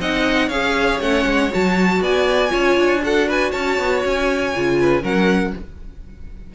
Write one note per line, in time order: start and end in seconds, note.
0.00 0.50 C4
0.00 0.51 D#4
0.00 0.48 D#5
0.00 0.49 F#5
0.48 1.00 C#4
0.48 1.01 G#4
0.48 1.99 C#5
0.48 1.00 F5
1.00 1.25 A3
1.00 1.50 C#4
1.00 1.52 F#5
1.25 1.51 G#3
1.50 2.01 F#3
1.50 2.49 F#4
1.50 2.04 A5
2.01 2.51 B3
2.01 2.51 D5
2.01 3.04 G#5
2.49 2.77 C#4
2.49 2.99 F4
2.49 3.02 C#5
2.77 3.52 D4
3.03 4.54 F#4
3.03 3.27 A4
3.03 3.29 F#5
3.27 3.51 B4
3.27 3.52 G#5
3.51 3.79 C#4
3.51 4.77 C#5
3.51 4.02 A5
3.79 4.04 B3
4.05 4.55 C#4
4.05 5.05 G#5
4.55 5.03 C#3
4.55 5.02 F4
4.81 5.03 B4
5.02 5.54 F#3
5.02 5.53 C#4
5.02 5.53 A#4
5.02 5.55 F#5